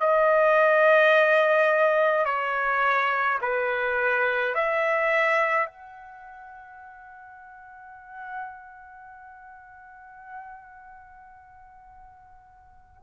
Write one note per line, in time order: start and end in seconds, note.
0.00 2.25 D#5
2.25 3.39 C#5
3.42 4.54 B4
4.54 5.67 E5
5.67 13.02 F#5